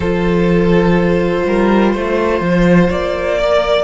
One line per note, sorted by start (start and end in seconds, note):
0.00 1.44 F3
0.00 3.40 F4
0.00 1.44 A4
0.00 2.89 C5
1.46 1.95 G3
1.46 1.92 A#4
1.92 2.41 A3
1.92 3.37 C5
2.41 2.89 F3
2.89 3.83 A#3
2.89 3.83 D5
3.38 3.83 A#4
3.38 3.83 D5